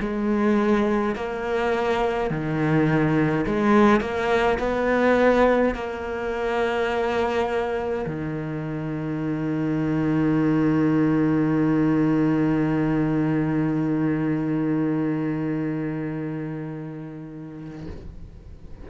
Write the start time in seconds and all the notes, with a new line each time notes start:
0.00 G#3
1.15 A#3
2.30 D#3
3.46 G#3
4.01 A#3
4.59 B3
5.75 A#3
8.07 D#3